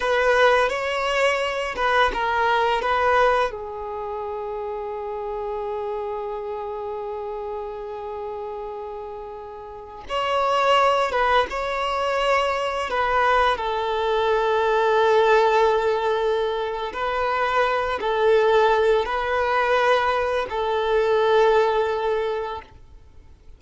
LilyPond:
\new Staff \with { instrumentName = "violin" } { \time 4/4 \tempo 4 = 85 b'4 cis''4. b'8 ais'4 | b'4 gis'2.~ | gis'1~ | gis'2~ gis'16 cis''4. b'16~ |
b'16 cis''2 b'4 a'8.~ | a'1 | b'4. a'4. b'4~ | b'4 a'2. | }